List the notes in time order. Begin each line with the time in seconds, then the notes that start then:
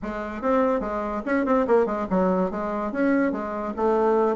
0.02 G#3
0.41 C4
0.80 G#3
1.25 C#4
1.45 C4
1.67 A#3
1.86 G#3
2.09 F#3
2.50 G#3
2.91 C#4
3.31 G#3
3.76 A3